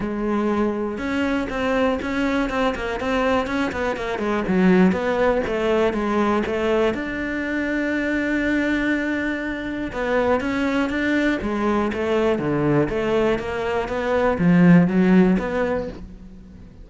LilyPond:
\new Staff \with { instrumentName = "cello" } { \time 4/4 \tempo 4 = 121 gis2 cis'4 c'4 | cis'4 c'8 ais8 c'4 cis'8 b8 | ais8 gis8 fis4 b4 a4 | gis4 a4 d'2~ |
d'1 | b4 cis'4 d'4 gis4 | a4 d4 a4 ais4 | b4 f4 fis4 b4 | }